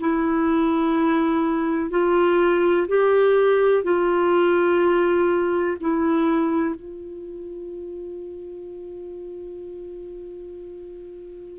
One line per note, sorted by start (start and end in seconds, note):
0.00 1.90 E4
1.90 2.87 F4
2.88 3.84 G4
3.84 5.77 F4
5.81 6.75 E4
6.75 11.59 F4